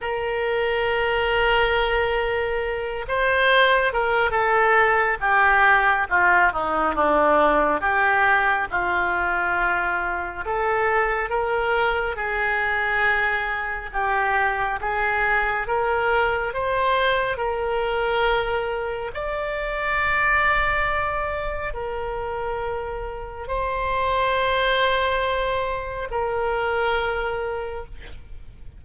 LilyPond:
\new Staff \with { instrumentName = "oboe" } { \time 4/4 \tempo 4 = 69 ais'2.~ ais'8 c''8~ | c''8 ais'8 a'4 g'4 f'8 dis'8 | d'4 g'4 f'2 | a'4 ais'4 gis'2 |
g'4 gis'4 ais'4 c''4 | ais'2 d''2~ | d''4 ais'2 c''4~ | c''2 ais'2 | }